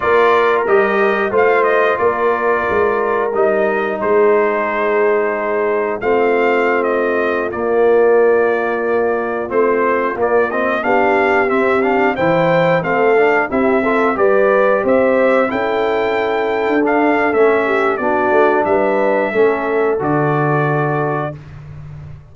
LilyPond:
<<
  \new Staff \with { instrumentName = "trumpet" } { \time 4/4 \tempo 4 = 90 d''4 dis''4 f''8 dis''8 d''4~ | d''4 dis''4 c''2~ | c''4 f''4~ f''16 dis''4 d''8.~ | d''2~ d''16 c''4 d''8 dis''16~ |
dis''16 f''4 e''8 f''8 g''4 f''8.~ | f''16 e''4 d''4 e''4 g''8.~ | g''4~ g''16 f''8. e''4 d''4 | e''2 d''2 | }
  \new Staff \with { instrumentName = "horn" } { \time 4/4 ais'2 c''4 ais'4~ | ais'2 gis'2~ | gis'4 f'2.~ | f'1~ |
f'16 g'2 c''4 a'8.~ | a'16 g'8 a'8 b'4 c''4 a'8.~ | a'2~ a'8 g'8 fis'4 | b'4 a'2. | }
  \new Staff \with { instrumentName = "trombone" } { \time 4/4 f'4 g'4 f'2~ | f'4 dis'2.~ | dis'4 c'2~ c'16 ais8.~ | ais2~ ais16 c'4 ais8 c'16~ |
c'16 d'4 c'8 d'8 e'4 c'8 d'16~ | d'16 e'8 f'8 g'2 e'8.~ | e'4~ e'16 d'8. cis'4 d'4~ | d'4 cis'4 fis'2 | }
  \new Staff \with { instrumentName = "tuba" } { \time 4/4 ais4 g4 a4 ais4 | gis4 g4 gis2~ | gis4 a2~ a16 ais8.~ | ais2~ ais16 a4 ais8.~ |
ais16 b4 c'4 e4 a8.~ | a16 c'4 g4 c'4 cis'8.~ | cis'4 d'4 a4 b8 a8 | g4 a4 d2 | }
>>